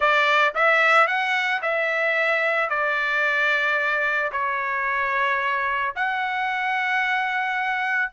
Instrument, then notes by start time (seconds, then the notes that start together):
trumpet
0.00 D5
0.55 E5
1.07 F#5
1.62 E5
2.69 D5
4.32 C#5
5.95 F#5